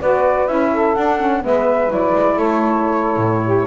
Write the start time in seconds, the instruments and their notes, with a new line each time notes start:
0.00 double bass B3, saxophone F#4 B4, flute D5
0.47 double bass C#4, saxophone E4, flute E5
0.71 saxophone A4
0.94 saxophone D4, double bass D4, flute F#5
1.19 saxophone C#4
1.41 double bass G#3, saxophone B3 B4, flute E5
1.88 double bass F#3, saxophone E4, flute D5
2.15 double bass G#3
2.36 double bass A3, saxophone A4, flute C#5
3.17 double bass A2
3.43 saxophone G4